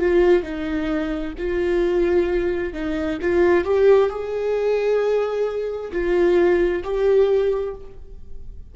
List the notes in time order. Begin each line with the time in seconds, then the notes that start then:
0.00 F4
0.43 D#4
1.38 F4
2.74 D#4
3.22 F4
3.65 G4
4.10 G#4
5.92 F4
6.84 G4